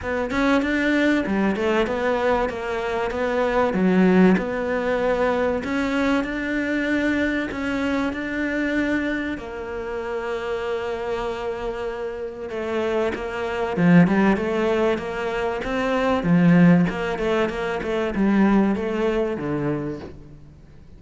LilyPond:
\new Staff \with { instrumentName = "cello" } { \time 4/4 \tempo 4 = 96 b8 cis'8 d'4 g8 a8 b4 | ais4 b4 fis4 b4~ | b4 cis'4 d'2 | cis'4 d'2 ais4~ |
ais1 | a4 ais4 f8 g8 a4 | ais4 c'4 f4 ais8 a8 | ais8 a8 g4 a4 d4 | }